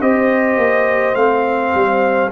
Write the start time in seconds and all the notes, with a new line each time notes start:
0.00 C4 G4 C5 D#5
0.57 A#3
1.15 A3 C4 F5
1.75 G3